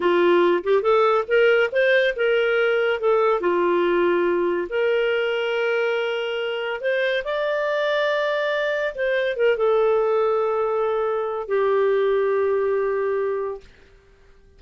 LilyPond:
\new Staff \with { instrumentName = "clarinet" } { \time 4/4 \tempo 4 = 141 f'4. g'8 a'4 ais'4 | c''4 ais'2 a'4 | f'2. ais'4~ | ais'1 |
c''4 d''2.~ | d''4 c''4 ais'8 a'4.~ | a'2. g'4~ | g'1 | }